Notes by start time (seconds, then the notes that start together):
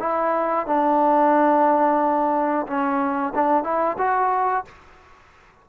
0.00 E4
0.67 D4
2.67 C#4
3.35 D4
3.64 E4
3.98 F#4